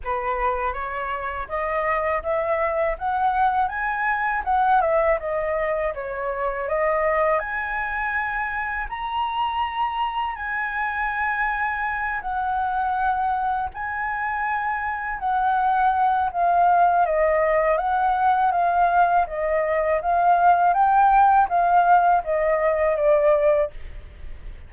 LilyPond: \new Staff \with { instrumentName = "flute" } { \time 4/4 \tempo 4 = 81 b'4 cis''4 dis''4 e''4 | fis''4 gis''4 fis''8 e''8 dis''4 | cis''4 dis''4 gis''2 | ais''2 gis''2~ |
gis''8 fis''2 gis''4.~ | gis''8 fis''4. f''4 dis''4 | fis''4 f''4 dis''4 f''4 | g''4 f''4 dis''4 d''4 | }